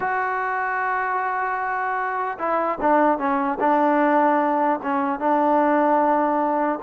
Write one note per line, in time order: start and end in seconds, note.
0.00 2.38 F#4
2.38 2.78 E4
2.80 3.18 D4
3.18 3.58 C#4
3.60 4.80 D4
4.82 5.19 C#4
5.19 6.79 D4